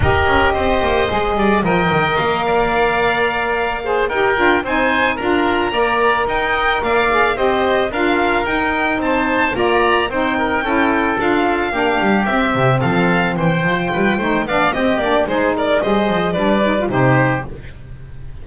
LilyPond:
<<
  \new Staff \with { instrumentName = "violin" } { \time 4/4 \tempo 4 = 110 dis''2. g''4 | f''2.~ f''8 g''8~ | g''8 gis''4 ais''2 g''8~ | g''8 f''4 dis''4 f''4 g''8~ |
g''8 a''4 ais''4 g''4.~ | g''8 f''2 e''4 f''8~ | f''8 g''2 f''8 dis''8 d''8 | c''8 d''8 dis''4 d''4 c''4 | }
  \new Staff \with { instrumentName = "oboe" } { \time 4/4 ais'4 c''4. d''8 dis''4~ | dis''8 d''2~ d''8 c''8 ais'8~ | ais'8 c''4 ais'4 d''4 dis''8~ | dis''8 d''4 c''4 ais'4.~ |
ais'8 c''4 d''4 c''8 ais'8 a'8~ | a'4. g'2 a'8~ | a'8 c''4 b'8 c''8 d''8 g'4 | gis'8 ais'8 c''4 b'4 g'4 | }
  \new Staff \with { instrumentName = "saxophone" } { \time 4/4 g'2 gis'4 ais'4~ | ais'2. gis'8 g'8 | f'8 dis'4 f'4 ais'4.~ | ais'4 gis'8 g'4 f'4 dis'8~ |
dis'4. f'4 dis'4 e'8~ | e'8 f'4 d'4 c'4.~ | c'4 f'4 dis'8 d'8 c'8 d'8 | dis'4 gis'4 d'8 dis'16 f'16 dis'4 | }
  \new Staff \with { instrumentName = "double bass" } { \time 4/4 dis'8 cis'8 c'8 ais8 gis8 g8 f8 dis8 | ais2.~ ais8 dis'8 | d'8 c'4 d'4 ais4 dis'8~ | dis'8 ais4 c'4 d'4 dis'8~ |
dis'8 c'4 ais4 c'4 cis'8~ | cis'8 d'4 ais8 g8 c'8 c8 f8~ | f8 e8 f8 g8 a8 b8 c'8 ais8 | gis4 g8 f8 g4 c4 | }
>>